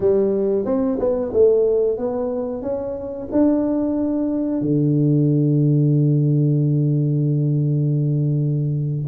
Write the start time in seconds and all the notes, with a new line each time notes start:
0.00 G3
0.65 C4
0.99 B3
1.33 A3
1.97 B3
2.62 C#4
3.31 D4
4.61 D3